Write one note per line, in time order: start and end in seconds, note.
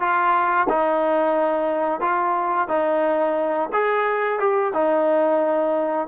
0.00 0.67 F4
0.70 2.01 D#4
2.01 2.68 F4
2.69 3.70 D#4
3.73 4.40 G#4
4.40 4.73 G4
4.74 6.08 D#4